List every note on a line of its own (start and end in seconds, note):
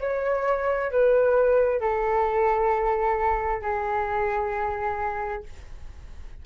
0.00 0.91 C#5
0.91 1.80 B4
1.80 3.62 A4
3.62 5.43 G#4